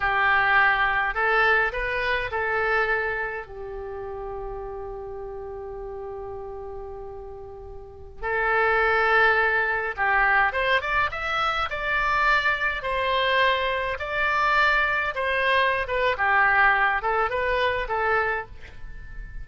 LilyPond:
\new Staff \with { instrumentName = "oboe" } { \time 4/4 \tempo 4 = 104 g'2 a'4 b'4 | a'2 g'2~ | g'1~ | g'2~ g'16 a'4.~ a'16~ |
a'4~ a'16 g'4 c''8 d''8 e''8.~ | e''16 d''2 c''4.~ c''16~ | c''16 d''2 c''4~ c''16 b'8 | g'4. a'8 b'4 a'4 | }